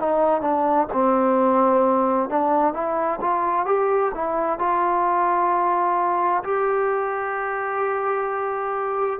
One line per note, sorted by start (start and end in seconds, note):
0.00 0.42 D#4
0.42 0.88 D4
0.93 2.30 C4
2.30 2.74 D4
2.74 3.20 E4
3.21 3.66 F4
3.66 4.12 G4
4.15 4.59 E4
4.59 6.44 F4
6.44 9.20 G4